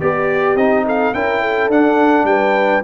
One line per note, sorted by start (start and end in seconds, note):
0.00 0.55 B3
0.00 0.57 G4
0.00 0.85 G4
0.00 0.56 D5
0.55 1.12 C4
0.55 1.14 D#4
0.55 0.85 D#5
0.86 1.14 A4
0.86 1.14 F5
1.14 1.69 C#4
1.14 1.71 E4
1.14 1.42 A#4
1.14 1.70 G5
1.42 2.26 A4
1.69 2.24 D4
1.69 2.84 D4
1.69 2.26 F#5
2.24 2.81 G3
2.24 2.84 B4
2.24 2.82 G5